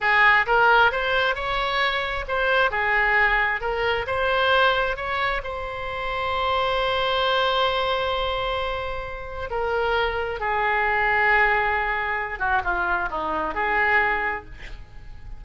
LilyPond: \new Staff \with { instrumentName = "oboe" } { \time 4/4 \tempo 4 = 133 gis'4 ais'4 c''4 cis''4~ | cis''4 c''4 gis'2 | ais'4 c''2 cis''4 | c''1~ |
c''1~ | c''4 ais'2 gis'4~ | gis'2.~ gis'8 fis'8 | f'4 dis'4 gis'2 | }